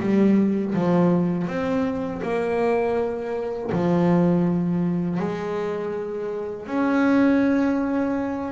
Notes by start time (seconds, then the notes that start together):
0.00 G3
0.75 F3
1.47 C4
2.22 A#3
3.72 F3
5.19 G#3
6.67 C#4